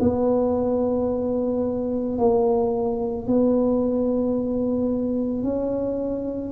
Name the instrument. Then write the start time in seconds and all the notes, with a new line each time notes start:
tuba
0.00 B3
2.18 A#3
3.27 B3
5.43 C#4